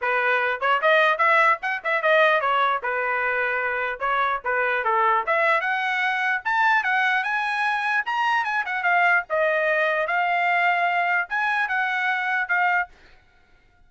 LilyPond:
\new Staff \with { instrumentName = "trumpet" } { \time 4/4 \tempo 4 = 149 b'4. cis''8 dis''4 e''4 | fis''8 e''8 dis''4 cis''4 b'4~ | b'2 cis''4 b'4 | a'4 e''4 fis''2 |
a''4 fis''4 gis''2 | ais''4 gis''8 fis''8 f''4 dis''4~ | dis''4 f''2. | gis''4 fis''2 f''4 | }